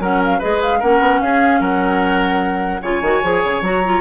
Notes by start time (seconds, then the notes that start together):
0.00 F#3 C#4 A#4 F#5
0.24 F5
0.39 G#3 G#4 B4 D#5
0.62 F5
0.80 A#3 C#4 A#4 F#5
1.00 B3
1.21 C#4 G#4 F5
1.60 F#3 A#4 F#5
2.82 C#3 F4 C#5 G#5
3.01 D#3 F#4
3.23 F3 G#4
3.44 C#3
3.61 F#3 F#4 A#5
3.85 F4